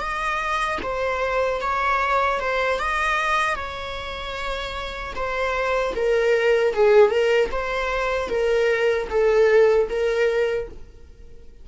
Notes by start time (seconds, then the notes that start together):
0.00 D#5
0.83 C5
1.61 C#5
2.40 C5
2.79 D#5
3.56 C#5
5.15 C5
5.95 A#4
6.74 G#4
7.11 A#4
7.52 C5
8.29 A#4
9.10 A4
9.90 A#4